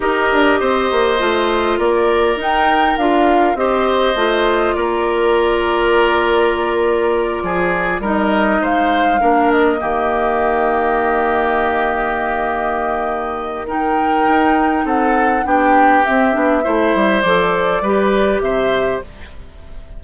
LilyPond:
<<
  \new Staff \with { instrumentName = "flute" } { \time 4/4 \tempo 4 = 101 dis''2. d''4 | g''4 f''4 dis''2 | d''1~ | d''4. dis''4 f''4. |
dis''1~ | dis''2. g''4~ | g''4 fis''4 g''4 e''4~ | e''4 d''2 e''4 | }
  \new Staff \with { instrumentName = "oboe" } { \time 4/4 ais'4 c''2 ais'4~ | ais'2 c''2 | ais'1~ | ais'8 gis'4 ais'4 c''4 ais'8~ |
ais'8 g'2.~ g'8~ | g'2. ais'4~ | ais'4 a'4 g'2 | c''2 b'4 c''4 | }
  \new Staff \with { instrumentName = "clarinet" } { \time 4/4 g'2 f'2 | dis'4 f'4 g'4 f'4~ | f'1~ | f'4. dis'2 d'8~ |
d'8 ais2.~ ais8~ | ais2. dis'4~ | dis'2 d'4 c'8 d'8 | e'4 a'4 g'2 | }
  \new Staff \with { instrumentName = "bassoon" } { \time 4/4 dis'8 d'8 c'8 ais8 a4 ais4 | dis'4 d'4 c'4 a4 | ais1~ | ais8 f4 g4 gis4 ais8~ |
ais8 dis2.~ dis8~ | dis1 | dis'4 c'4 b4 c'8 b8 | a8 g8 f4 g4 c4 | }
>>